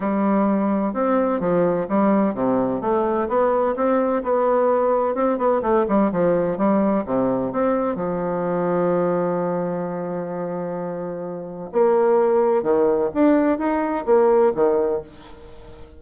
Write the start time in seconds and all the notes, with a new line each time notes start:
0.00 G3
0.93 C4
1.40 F3
1.88 G3
2.34 C3
2.81 A3
3.28 B3
3.75 C4
4.23 B3
5.14 C4
5.38 B3
5.62 A3
5.88 G3
6.12 F3
6.57 G3
7.05 C3
7.52 C4
7.95 F3
11.72 A#3
12.62 D#3
13.14 D4
13.58 D#4
14.05 A#3
14.54 D#3